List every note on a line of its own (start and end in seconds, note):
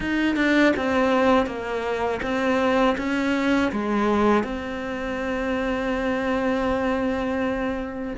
0.00 0.36 D#4
0.36 0.73 D4
0.76 1.46 C4
1.46 2.20 A#3
2.22 2.96 C4
2.97 3.71 C#4
3.72 4.43 G#3
4.43 8.13 C4